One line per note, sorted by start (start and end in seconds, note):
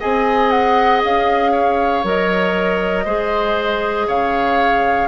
0.00 1.04 C4
0.00 2.04 G#4
0.00 1.52 D#5
0.00 0.50 G#5
0.50 1.01 F#5
1.04 2.04 C#4
1.04 2.06 F5
1.52 3.04 C#5
2.04 3.06 F#3
2.04 3.06 A#4
2.04 4.09 D#5
3.05 4.07 G#3
3.05 5.08 G#4
3.05 4.07 C5
4.08 5.08 C#3
4.08 5.08 C#5
4.08 5.08 F5